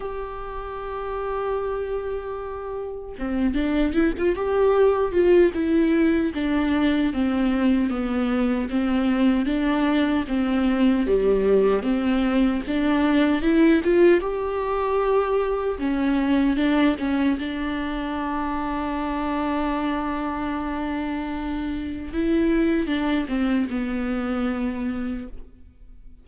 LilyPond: \new Staff \with { instrumentName = "viola" } { \time 4/4 \tempo 4 = 76 g'1 | c'8 d'8 e'16 f'16 g'4 f'8 e'4 | d'4 c'4 b4 c'4 | d'4 c'4 g4 c'4 |
d'4 e'8 f'8 g'2 | cis'4 d'8 cis'8 d'2~ | d'1 | e'4 d'8 c'8 b2 | }